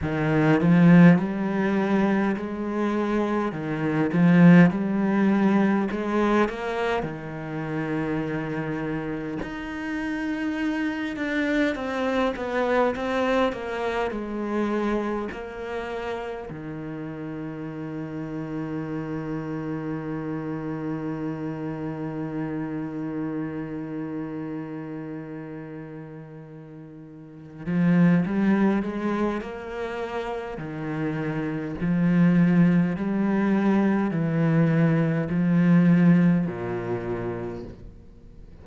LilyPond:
\new Staff \with { instrumentName = "cello" } { \time 4/4 \tempo 4 = 51 dis8 f8 g4 gis4 dis8 f8 | g4 gis8 ais8 dis2 | dis'4. d'8 c'8 b8 c'8 ais8 | gis4 ais4 dis2~ |
dis1~ | dis2.~ dis8 f8 | g8 gis8 ais4 dis4 f4 | g4 e4 f4 ais,4 | }